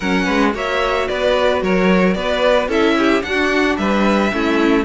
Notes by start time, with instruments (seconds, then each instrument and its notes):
0.00 cello F#3, viola C#4, violin A#4 F#5
0.25 cello G#3, violin B4
0.52 cello A#3, viola F#4, violin C#5 E5
1.08 cello B3, violin B4 D5
1.62 cello F#3, violin A#4 C#5
2.14 cello B3, violin B4 D5
2.68 cello C#4, viola E4, violin A4 E5
2.98 violin G4
3.22 viola D4, cello D4, violin F#4 F#5
3.77 cello G3, violin B4 E5
4.32 cello A3, viola C#4, violin E4